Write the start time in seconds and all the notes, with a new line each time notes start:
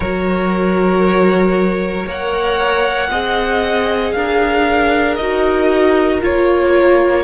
0.00 F#3 F#4 A#4 C#5
2.06 A#3 A#4 C#5 F#5
3.11 C4 G#4 D#5
4.11 D4 A#4 F5
5.16 D#4 F#4 D#5
6.21 A#3 F4 C#5